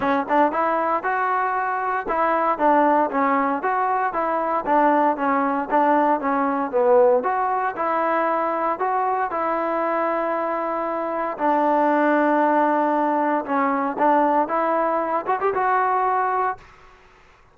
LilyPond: \new Staff \with { instrumentName = "trombone" } { \time 4/4 \tempo 4 = 116 cis'8 d'8 e'4 fis'2 | e'4 d'4 cis'4 fis'4 | e'4 d'4 cis'4 d'4 | cis'4 b4 fis'4 e'4~ |
e'4 fis'4 e'2~ | e'2 d'2~ | d'2 cis'4 d'4 | e'4. fis'16 g'16 fis'2 | }